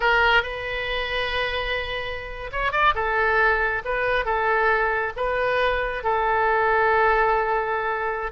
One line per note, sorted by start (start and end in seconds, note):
0.00 0.43 A#4
0.43 2.51 B4
2.52 2.72 C#5
2.72 2.94 D5
2.95 3.82 A4
3.84 4.25 B4
4.25 5.12 A4
5.16 6.03 B4
6.03 8.32 A4